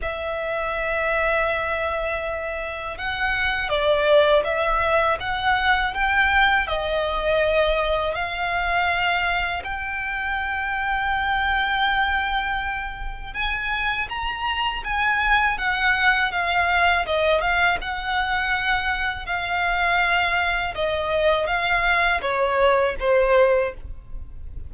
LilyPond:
\new Staff \with { instrumentName = "violin" } { \time 4/4 \tempo 4 = 81 e''1 | fis''4 d''4 e''4 fis''4 | g''4 dis''2 f''4~ | f''4 g''2.~ |
g''2 gis''4 ais''4 | gis''4 fis''4 f''4 dis''8 f''8 | fis''2 f''2 | dis''4 f''4 cis''4 c''4 | }